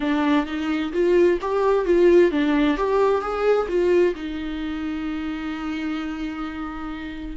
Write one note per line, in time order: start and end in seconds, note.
0.00 0.46 D4
0.46 0.92 D#4
0.93 1.39 F4
1.41 1.85 G4
1.85 2.31 F4
2.31 2.77 D4
2.77 3.21 G4
3.21 3.67 G#4
3.68 4.14 F4
4.15 7.36 D#4